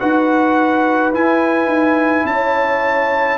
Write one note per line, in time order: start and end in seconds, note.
0.00 1.13 D#4
0.00 1.13 F#4
0.00 2.27 B4
0.00 1.13 F#5
1.13 1.66 E4
1.13 3.38 E4
1.13 2.26 G#5
1.66 2.23 D#4
2.25 3.38 C#4
2.25 3.38 C#5
2.25 3.38 A5